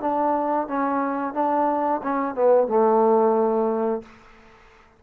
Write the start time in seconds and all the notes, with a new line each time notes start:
0.00 D4
0.67 C#4
1.33 D4
2.03 C#4
2.34 B3
2.67 A3